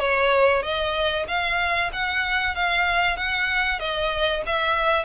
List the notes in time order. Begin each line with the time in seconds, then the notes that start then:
0.00 C#5
0.63 D#5
1.28 F5
1.93 F#5
2.56 F5
3.17 F#5
3.80 D#5
4.47 E5